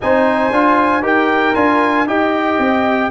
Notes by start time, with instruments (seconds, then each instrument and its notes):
0.01 tuba C4, trombone D#4, horn C5, trumpet G#5
0.51 tuba D4, trombone F4
1.02 tuba D#4, trombone G4, horn A#4, trumpet G5
1.54 tuba D4, trombone F4, trumpet G#5
2.06 tuba D#4, trombone G4, horn D#5, trumpet G5
2.58 tuba C4